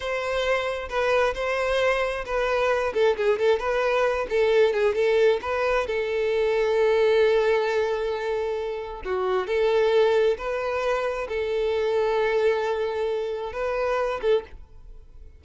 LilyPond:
\new Staff \with { instrumentName = "violin" } { \time 4/4 \tempo 4 = 133 c''2 b'4 c''4~ | c''4 b'4. a'8 gis'8 a'8 | b'4. a'4 gis'8 a'4 | b'4 a'2.~ |
a'1 | fis'4 a'2 b'4~ | b'4 a'2.~ | a'2 b'4. a'8 | }